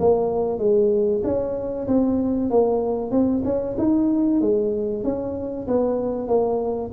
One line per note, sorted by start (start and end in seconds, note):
0.00 0.59 A#3
0.59 1.22 G#3
1.24 1.87 C#4
1.87 2.50 C4
2.50 3.11 A#3
3.11 3.43 C4
3.45 3.76 C#4
3.78 4.41 D#4
4.41 5.04 G#3
5.04 5.67 C#4
5.67 6.28 B3
6.28 6.91 A#3